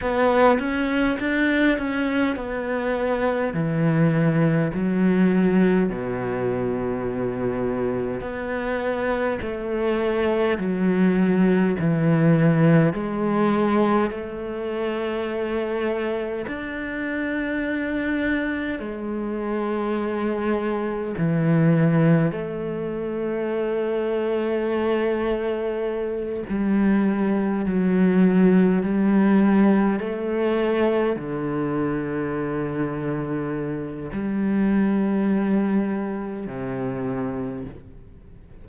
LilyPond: \new Staff \with { instrumentName = "cello" } { \time 4/4 \tempo 4 = 51 b8 cis'8 d'8 cis'8 b4 e4 | fis4 b,2 b4 | a4 fis4 e4 gis4 | a2 d'2 |
gis2 e4 a4~ | a2~ a8 g4 fis8~ | fis8 g4 a4 d4.~ | d4 g2 c4 | }